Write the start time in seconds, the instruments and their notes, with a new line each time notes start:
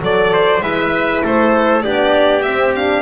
0.00 double bass F#3, horn A4, violin D5, trumpet D5
0.33 trumpet C5
0.61 double bass G#3, horn E4, trumpet B4, violin E5
1.24 double bass A3, trumpet A4, violin C5
1.82 double bass B3, horn D4, trumpet G4, violin D5
2.41 horn C4, double bass C4, violin E5
2.75 horn D4, violin F5